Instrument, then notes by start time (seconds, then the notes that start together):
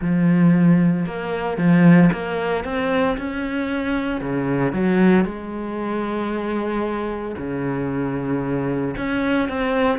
cello
0.01 F3
1.06 A#3
1.57 F3
2.12 A#3
2.64 C4
3.17 C#4
4.20 C#3
4.72 F#3
5.24 G#3
7.37 C#3
8.97 C#4
9.48 C4